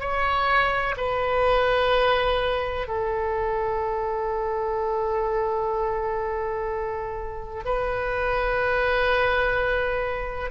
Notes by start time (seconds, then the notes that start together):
0.00 C#5
0.97 B4
2.87 A4
7.65 B4